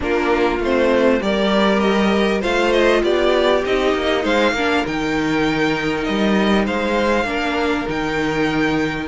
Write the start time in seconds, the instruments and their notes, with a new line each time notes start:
0.00 cello A#3, viola D4, violin F4 A#4
0.59 cello A3, viola C4, violin C5
1.20 cello G3, viola G4, violin A#4 D5
1.80 violin D#5
2.41 cello A3, viola F4, violin C5 F5
2.72 violin D#5
3.03 cello B3, violin G4 D5
3.65 cello C4, viola D#4, violin D#5
3.94 cello A#3
4.22 cello G#3, violin C5 F5
4.51 cello A#3, viola D4, violin A#4
4.86 cello D#3, viola D#4, violin G5
6.04 cello G3, violin D#5
6.65 cello G#3, violin C5 F5
7.24 cello A#3, viola D4, violin A#4
7.87 cello D#3, viola D#4, violin G5